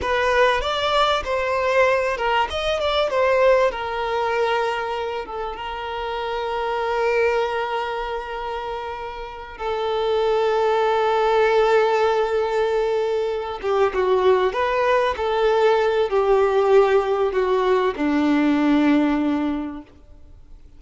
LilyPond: \new Staff \with { instrumentName = "violin" } { \time 4/4 \tempo 4 = 97 b'4 d''4 c''4. ais'8 | dis''8 d''8 c''4 ais'2~ | ais'8 a'8 ais'2.~ | ais'2.~ ais'8 a'8~ |
a'1~ | a'2 g'8 fis'4 b'8~ | b'8 a'4. g'2 | fis'4 d'2. | }